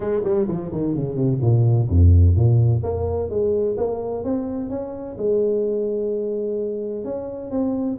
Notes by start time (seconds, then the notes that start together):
0.00 G#3
0.23 G3
0.47 F3
0.72 D#3
0.95 C#3
1.15 C3
1.41 A#2
1.89 F2
2.35 A#2
2.83 A#3
3.29 G#3
3.77 A#3
4.23 C4
4.69 C#4
5.17 G#3
7.04 C#4
7.50 C4